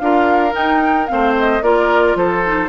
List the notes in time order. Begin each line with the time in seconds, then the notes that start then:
0.00 D4 F4 A#4 F5
0.52 D#4 G5
1.07 A3 C4 C5 F5
1.39 D#5
1.62 A#3 F4 A#4 D5
2.15 F3 A4 C5
2.45 D#4